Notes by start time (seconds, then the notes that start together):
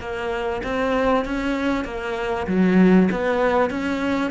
0.00 A#3
0.63 C4
1.25 C#4
1.84 A#3
2.47 F#3
3.11 B3
3.70 C#4